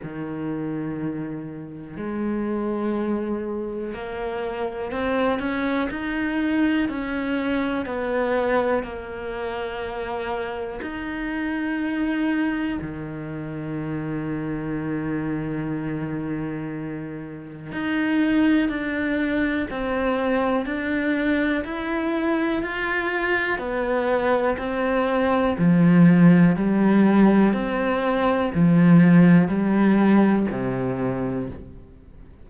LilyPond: \new Staff \with { instrumentName = "cello" } { \time 4/4 \tempo 4 = 61 dis2 gis2 | ais4 c'8 cis'8 dis'4 cis'4 | b4 ais2 dis'4~ | dis'4 dis2.~ |
dis2 dis'4 d'4 | c'4 d'4 e'4 f'4 | b4 c'4 f4 g4 | c'4 f4 g4 c4 | }